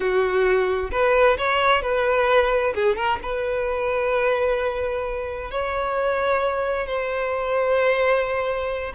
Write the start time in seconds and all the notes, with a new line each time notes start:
0.00 F#4
0.91 B4
1.37 C#5
1.82 B4
2.74 G#4
2.96 A#4
3.22 B4
5.50 C#5
6.86 C5